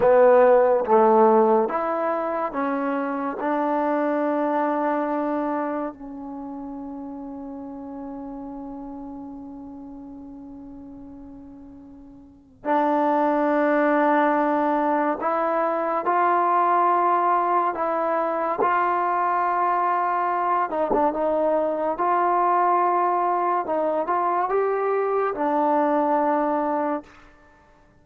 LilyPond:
\new Staff \with { instrumentName = "trombone" } { \time 4/4 \tempo 4 = 71 b4 a4 e'4 cis'4 | d'2. cis'4~ | cis'1~ | cis'2. d'4~ |
d'2 e'4 f'4~ | f'4 e'4 f'2~ | f'8 dis'16 d'16 dis'4 f'2 | dis'8 f'8 g'4 d'2 | }